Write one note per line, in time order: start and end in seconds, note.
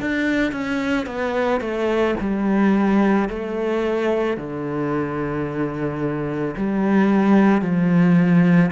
0.00 0.52 D4
0.52 1.06 C#4
1.06 1.60 B3
1.60 2.15 A3
2.20 3.28 G3
3.28 4.36 A3
4.36 6.55 D3
6.56 7.61 G3
7.61 8.70 F3